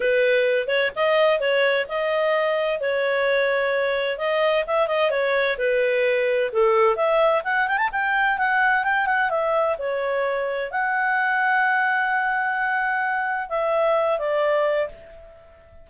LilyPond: \new Staff \with { instrumentName = "clarinet" } { \time 4/4 \tempo 4 = 129 b'4. cis''8 dis''4 cis''4 | dis''2 cis''2~ | cis''4 dis''4 e''8 dis''8 cis''4 | b'2 a'4 e''4 |
fis''8 g''16 a''16 g''4 fis''4 g''8 fis''8 | e''4 cis''2 fis''4~ | fis''1~ | fis''4 e''4. d''4. | }